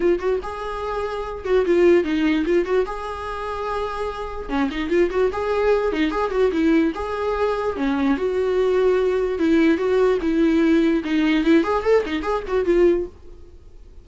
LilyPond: \new Staff \with { instrumentName = "viola" } { \time 4/4 \tempo 4 = 147 f'8 fis'8 gis'2~ gis'8 fis'8 | f'4 dis'4 f'8 fis'8 gis'4~ | gis'2. cis'8 dis'8 | f'8 fis'8 gis'4. dis'8 gis'8 fis'8 |
e'4 gis'2 cis'4 | fis'2. e'4 | fis'4 e'2 dis'4 | e'8 gis'8 a'8 dis'8 gis'8 fis'8 f'4 | }